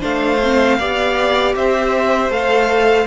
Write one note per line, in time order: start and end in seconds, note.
0.00 0.79 A3
0.00 0.38 D4
0.00 0.77 C5
0.00 1.55 F5
0.43 0.79 C4
0.79 1.55 B3
0.79 2.31 G4
0.79 1.55 D5
1.55 2.29 C4
1.55 3.06 C5
1.55 2.32 E5
2.29 3.05 A3
2.29 3.06 A4
2.29 3.06 F5